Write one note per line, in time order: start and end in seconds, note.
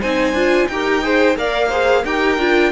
0.00 0.33 C4
0.00 0.36 D#4
0.00 0.68 C5
0.00 0.68 G#5
0.33 0.67 D4
0.33 0.70 F4
0.68 1.37 D#4
0.68 1.02 G4
0.68 1.04 A#4
0.68 1.36 G5
1.02 1.36 G#4
1.02 1.38 C5
1.37 2.04 A#3
1.37 1.71 A#4
1.37 1.68 D5
1.37 2.05 F5
1.68 2.05 G#4
1.68 2.03 C5
2.04 2.38 D#4
2.04 2.39 G4
2.04 2.72 A#4
2.04 2.72 G5
2.38 2.72 D4
2.38 2.72 F4